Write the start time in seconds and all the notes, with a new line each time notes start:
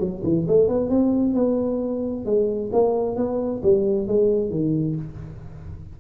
0.00 F#3
0.24 E3
0.48 A3
0.68 B3
0.89 C4
1.34 B3
2.25 G#3
2.73 A#3
3.16 B3
3.63 G3
4.07 G#3
4.50 D#3